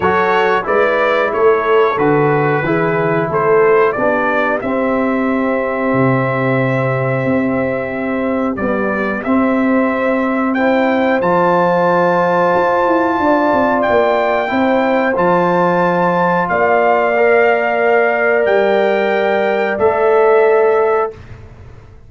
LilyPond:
<<
  \new Staff \with { instrumentName = "trumpet" } { \time 4/4 \tempo 4 = 91 cis''4 d''4 cis''4 b'4~ | b'4 c''4 d''4 e''4~ | e''1~ | e''4 d''4 e''2 |
g''4 a''2.~ | a''4 g''2 a''4~ | a''4 f''2. | g''2 e''2 | }
  \new Staff \with { instrumentName = "horn" } { \time 4/4 a'4 b'4 a'2 | gis'4 a'4 g'2~ | g'1~ | g'1 |
c''1 | d''2 c''2~ | c''4 d''2.~ | d''1 | }
  \new Staff \with { instrumentName = "trombone" } { \time 4/4 fis'4 e'2 fis'4 | e'2 d'4 c'4~ | c'1~ | c'4 g4 c'2 |
e'4 f'2.~ | f'2 e'4 f'4~ | f'2 ais'2~ | ais'2 a'2 | }
  \new Staff \with { instrumentName = "tuba" } { \time 4/4 fis4 gis4 a4 d4 | e4 a4 b4 c'4~ | c'4 c2 c'4~ | c'4 b4 c'2~ |
c'4 f2 f'8 e'8 | d'8 c'8 ais4 c'4 f4~ | f4 ais2. | g2 a2 | }
>>